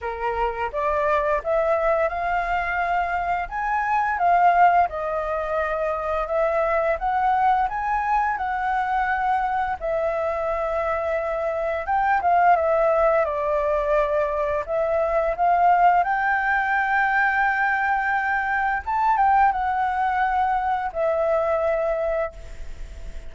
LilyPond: \new Staff \with { instrumentName = "flute" } { \time 4/4 \tempo 4 = 86 ais'4 d''4 e''4 f''4~ | f''4 gis''4 f''4 dis''4~ | dis''4 e''4 fis''4 gis''4 | fis''2 e''2~ |
e''4 g''8 f''8 e''4 d''4~ | d''4 e''4 f''4 g''4~ | g''2. a''8 g''8 | fis''2 e''2 | }